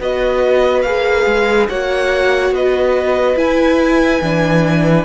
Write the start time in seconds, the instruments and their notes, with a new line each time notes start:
0.00 cello B3, viola F#4, violin B4 D#5
0.82 cello A#3, viola G#4, violin F5
1.26 cello G#3
1.69 cello A#3, viola F#4, violin C#5 F#5
2.51 cello B3, violin B4 D#5
3.36 cello E4, viola E4, violin G#5
4.22 cello E3, viola D4